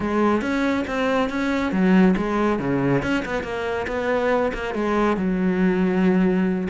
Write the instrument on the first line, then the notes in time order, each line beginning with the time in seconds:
cello
0.00 G#3
0.41 C#4
0.87 C4
1.29 C#4
1.71 F#3
2.17 G#3
2.59 C#3
3.02 C#4
3.25 B3
3.43 A#3
3.87 B3
4.53 A#3
4.74 G#3
5.16 F#3